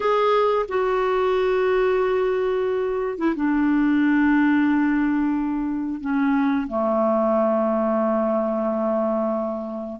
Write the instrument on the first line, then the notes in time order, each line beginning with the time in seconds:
clarinet
0.00 G#4
0.68 F#4
3.18 E4
3.35 D4
6.01 C#4
6.67 A3